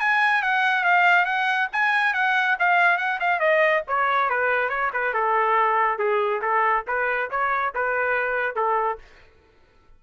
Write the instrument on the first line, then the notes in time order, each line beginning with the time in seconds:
trumpet
0.00 G#5
0.42 F#5
0.84 F5
1.25 F#5
1.72 G#5
2.14 F#5
2.59 F5
2.98 F#5
3.20 F5
3.40 D#5
3.87 C#5
4.30 B4
4.69 C#5
4.93 B4
5.14 A4
5.98 G#4
6.42 A4
6.87 B4
7.30 C#5
7.75 B4
8.56 A4